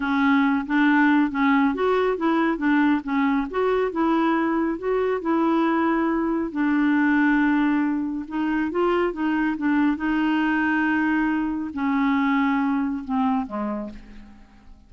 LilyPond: \new Staff \with { instrumentName = "clarinet" } { \time 4/4 \tempo 4 = 138 cis'4. d'4. cis'4 | fis'4 e'4 d'4 cis'4 | fis'4 e'2 fis'4 | e'2. d'4~ |
d'2. dis'4 | f'4 dis'4 d'4 dis'4~ | dis'2. cis'4~ | cis'2 c'4 gis4 | }